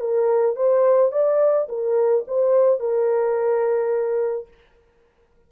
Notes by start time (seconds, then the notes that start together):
0.00 A#4
0.56 C5
1.12 D5
1.68 A#4
2.27 C5
2.80 A#4